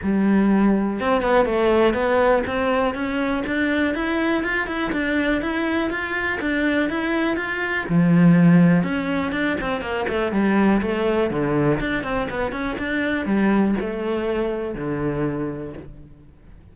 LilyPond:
\new Staff \with { instrumentName = "cello" } { \time 4/4 \tempo 4 = 122 g2 c'8 b8 a4 | b4 c'4 cis'4 d'4 | e'4 f'8 e'8 d'4 e'4 | f'4 d'4 e'4 f'4 |
f2 cis'4 d'8 c'8 | ais8 a8 g4 a4 d4 | d'8 c'8 b8 cis'8 d'4 g4 | a2 d2 | }